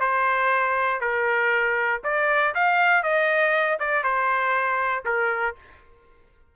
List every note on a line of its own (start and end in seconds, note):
0.00 1.00 C5
1.00 2.01 A#4
2.04 2.54 D5
2.54 3.03 F5
3.03 3.78 D#5
3.79 4.03 D5
4.03 5.04 C5
5.05 5.55 A#4